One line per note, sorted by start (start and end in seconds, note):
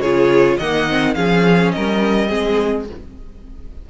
0.00 0.57 C#3
0.00 0.61 F4
0.00 0.57 G#4
0.00 0.58 C#5
0.57 1.16 D#3
0.57 0.89 A#3
0.57 1.14 D#5
0.57 1.15 F#5
0.89 1.15 C4
1.15 1.74 F3
1.15 2.28 C#4
1.15 1.73 G#4
1.15 1.72 F5
1.72 2.33 G3
1.72 2.28 A#4
1.72 2.86 D#5
2.28 2.90 G#3
2.28 2.86 C4
2.28 2.86 G#4